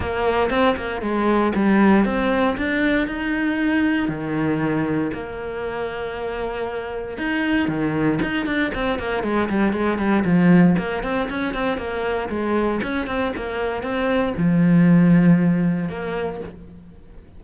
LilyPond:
\new Staff \with { instrumentName = "cello" } { \time 4/4 \tempo 4 = 117 ais4 c'8 ais8 gis4 g4 | c'4 d'4 dis'2 | dis2 ais2~ | ais2 dis'4 dis4 |
dis'8 d'8 c'8 ais8 gis8 g8 gis8 g8 | f4 ais8 c'8 cis'8 c'8 ais4 | gis4 cis'8 c'8 ais4 c'4 | f2. ais4 | }